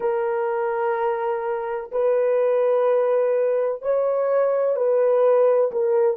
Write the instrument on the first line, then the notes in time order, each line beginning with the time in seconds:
horn
0.00 A#4
1.91 B4
3.81 C#5
4.76 B4
5.71 A#4